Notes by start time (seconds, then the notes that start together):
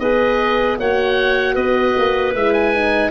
0.00 B3 G#4 B4 D#5
0.79 A#3 F#4 C#5 F#5
1.55 B3 B4 D#5
1.97 A#3
2.35 G#3 E4 E5
2.53 G#5
2.75 D#4